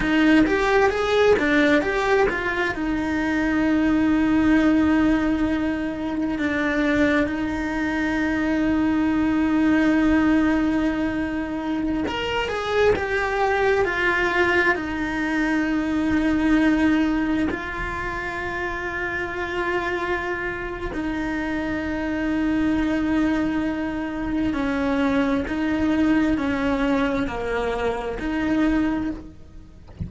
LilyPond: \new Staff \with { instrumentName = "cello" } { \time 4/4 \tempo 4 = 66 dis'8 g'8 gis'8 d'8 g'8 f'8 dis'4~ | dis'2. d'4 | dis'1~ | dis'4~ dis'16 ais'8 gis'8 g'4 f'8.~ |
f'16 dis'2. f'8.~ | f'2. dis'4~ | dis'2. cis'4 | dis'4 cis'4 ais4 dis'4 | }